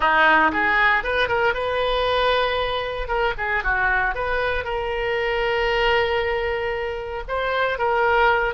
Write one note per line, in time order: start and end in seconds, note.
0.00 0.51 D#4
0.52 1.03 G#4
1.03 1.28 B4
1.28 1.54 A#4
1.54 3.08 B4
3.08 3.33 A#4
3.37 3.63 G#4
3.63 4.14 F#4
4.14 4.64 B4
4.64 7.23 A#4
7.27 7.78 C5
7.78 8.54 A#4